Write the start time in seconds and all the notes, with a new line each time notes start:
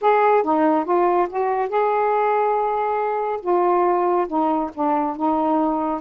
0.01 G#4
0.43 D#4
0.85 F4
1.29 F#4
1.69 G#4
3.41 F4
4.27 D#4
4.74 D4
5.16 D#4